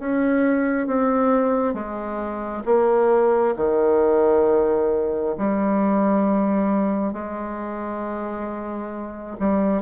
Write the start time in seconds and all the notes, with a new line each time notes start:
0.00 C#4
0.87 C4
1.74 G#3
2.66 A#3
3.57 D#3
5.38 G3
7.13 G#3
9.40 G3